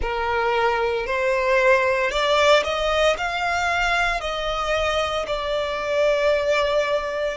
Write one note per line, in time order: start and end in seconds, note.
0.01 1.06 A#4
1.06 2.11 C5
2.11 2.63 D5
2.63 3.16 D#5
3.17 4.20 F5
4.20 5.25 D#5
5.26 7.37 D5